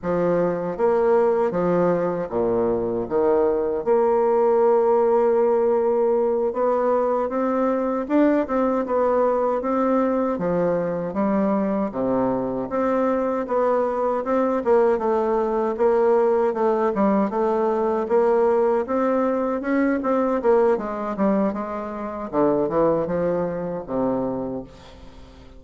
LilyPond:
\new Staff \with { instrumentName = "bassoon" } { \time 4/4 \tempo 4 = 78 f4 ais4 f4 ais,4 | dis4 ais2.~ | ais8 b4 c'4 d'8 c'8 b8~ | b8 c'4 f4 g4 c8~ |
c8 c'4 b4 c'8 ais8 a8~ | a8 ais4 a8 g8 a4 ais8~ | ais8 c'4 cis'8 c'8 ais8 gis8 g8 | gis4 d8 e8 f4 c4 | }